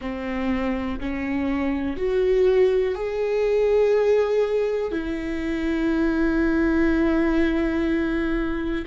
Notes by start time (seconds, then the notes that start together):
0.01 C4
1.00 C#4
1.97 F#4
2.95 G#4
4.91 E4